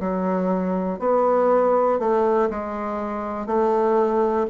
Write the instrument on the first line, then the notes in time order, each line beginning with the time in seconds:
bassoon
0.00 F#3
0.99 B3
1.99 A3
2.50 G#3
3.46 A3